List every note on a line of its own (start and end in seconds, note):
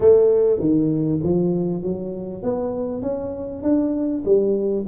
0.00 0.59 A3
0.59 1.20 D#3
1.23 1.83 F3
1.83 2.42 F#3
2.42 3.02 B3
3.02 3.62 C#4
3.63 4.23 D4
4.25 4.85 G3